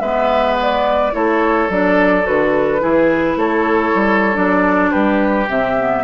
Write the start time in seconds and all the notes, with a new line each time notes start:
0.00 G#3 B3 B4 E5
0.62 D5
1.12 A3 E4 A4 C#5
1.69 F#3 D4 D5
2.22 D3 F#4 B4
2.80 E3 E4 G#4
3.36 A3 A4 C#5
3.95 G3
4.33 F#3 D4 D5
4.91 G3 G4 B4
5.48 C3 C4 E5
5.77 B3